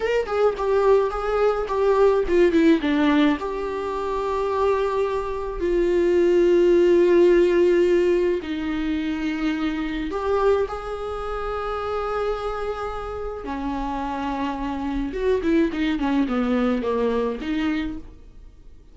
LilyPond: \new Staff \with { instrumentName = "viola" } { \time 4/4 \tempo 4 = 107 ais'8 gis'8 g'4 gis'4 g'4 | f'8 e'8 d'4 g'2~ | g'2 f'2~ | f'2. dis'4~ |
dis'2 g'4 gis'4~ | gis'1 | cis'2. fis'8 e'8 | dis'8 cis'8 b4 ais4 dis'4 | }